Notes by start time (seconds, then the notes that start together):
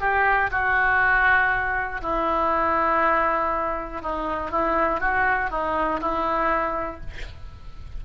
0.00 G4
0.51 F#4
2.02 E4
4.01 D#4
4.51 E4
5.00 F#4
5.50 D#4
6.01 E4